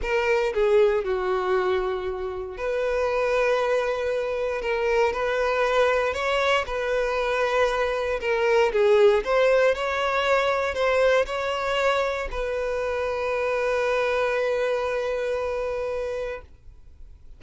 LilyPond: \new Staff \with { instrumentName = "violin" } { \time 4/4 \tempo 4 = 117 ais'4 gis'4 fis'2~ | fis'4 b'2.~ | b'4 ais'4 b'2 | cis''4 b'2. |
ais'4 gis'4 c''4 cis''4~ | cis''4 c''4 cis''2 | b'1~ | b'1 | }